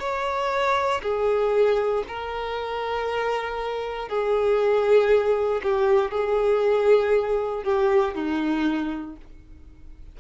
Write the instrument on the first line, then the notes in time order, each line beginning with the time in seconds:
violin
0.00 C#5
1.03 G#4
2.08 A#4
4.09 G#4
5.63 G4
6.12 G#4
7.64 G4
8.15 D#4